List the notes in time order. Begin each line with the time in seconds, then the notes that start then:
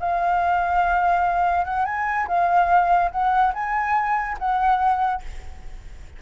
0.00 F5
1.65 F#5
1.85 G#5
2.28 F5
3.12 F#5
3.54 G#5
4.39 F#5